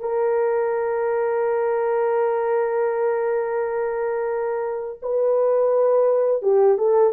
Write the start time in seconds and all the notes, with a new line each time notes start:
0.00 A#4
5.02 B4
6.42 G4
6.78 A4